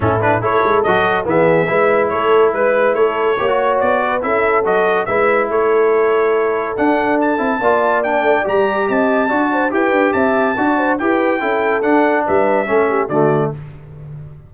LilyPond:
<<
  \new Staff \with { instrumentName = "trumpet" } { \time 4/4 \tempo 4 = 142 a'8 b'8 cis''4 dis''4 e''4~ | e''4 cis''4 b'4 cis''4~ | cis''4 d''4 e''4 dis''4 | e''4 cis''2. |
fis''4 a''2 g''4 | ais''4 a''2 g''4 | a''2 g''2 | fis''4 e''2 d''4 | }
  \new Staff \with { instrumentName = "horn" } { \time 4/4 e'4 a'2 gis'4 | b'4 a'4 b'4 a'4 | cis''4. b'8 a'2 | b'4 a'2.~ |
a'2 d''2~ | d''4 dis''4 d''8 c''8 b'4 | e''4 d''8 c''8 b'4 a'4~ | a'4 b'4 a'8 g'8 fis'4 | }
  \new Staff \with { instrumentName = "trombone" } { \time 4/4 cis'8 d'8 e'4 fis'4 b4 | e'1 | g'16 fis'4.~ fis'16 e'4 fis'4 | e'1 |
d'4. e'8 f'4 d'4 | g'2 fis'4 g'4~ | g'4 fis'4 g'4 e'4 | d'2 cis'4 a4 | }
  \new Staff \with { instrumentName = "tuba" } { \time 4/4 a,4 a8 gis8 fis4 e4 | gis4 a4 gis4 a4 | ais4 b4 cis'4 fis4 | gis4 a2. |
d'4. c'8 ais4. a8 | g4 c'4 d'4 e'8 d'8 | c'4 d'4 e'4 cis'4 | d'4 g4 a4 d4 | }
>>